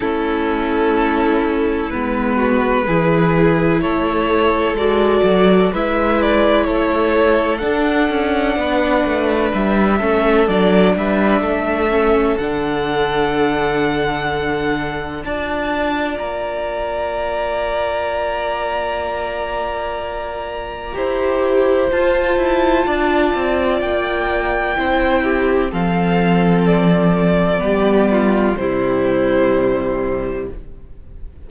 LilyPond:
<<
  \new Staff \with { instrumentName = "violin" } { \time 4/4 \tempo 4 = 63 a'2 b'2 | cis''4 d''4 e''8 d''8 cis''4 | fis''2 e''4 d''8 e''8~ | e''4 fis''2. |
a''4 ais''2.~ | ais''2. a''4~ | a''4 g''2 f''4 | d''2 c''2 | }
  \new Staff \with { instrumentName = "violin" } { \time 4/4 e'2~ e'8 fis'8 gis'4 | a'2 b'4 a'4~ | a'4 b'4. a'4 b'8 | a'1 |
d''1~ | d''2 c''2 | d''2 c''8 g'8 a'4~ | a'4 g'8 f'8 e'2 | }
  \new Staff \with { instrumentName = "viola" } { \time 4/4 cis'2 b4 e'4~ | e'4 fis'4 e'2 | d'2~ d'8 cis'8 d'4~ | d'8 cis'8 d'2. |
f'1~ | f'2 g'4 f'4~ | f'2 e'4 c'4~ | c'4 b4 g2 | }
  \new Staff \with { instrumentName = "cello" } { \time 4/4 a2 gis4 e4 | a4 gis8 fis8 gis4 a4 | d'8 cis'8 b8 a8 g8 a8 fis8 g8 | a4 d2. |
d'4 ais2.~ | ais2 e'4 f'8 e'8 | d'8 c'8 ais4 c'4 f4~ | f4 g4 c2 | }
>>